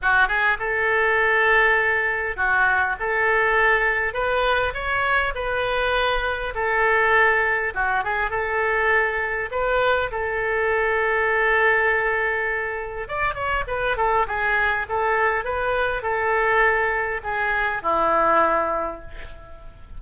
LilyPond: \new Staff \with { instrumentName = "oboe" } { \time 4/4 \tempo 4 = 101 fis'8 gis'8 a'2. | fis'4 a'2 b'4 | cis''4 b'2 a'4~ | a'4 fis'8 gis'8 a'2 |
b'4 a'2.~ | a'2 d''8 cis''8 b'8 a'8 | gis'4 a'4 b'4 a'4~ | a'4 gis'4 e'2 | }